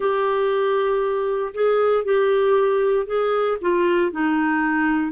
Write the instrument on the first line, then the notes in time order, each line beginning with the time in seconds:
clarinet
0.00 G4
1.54 G#4
2.04 G4
3.06 G#4
3.61 F4
4.11 D#4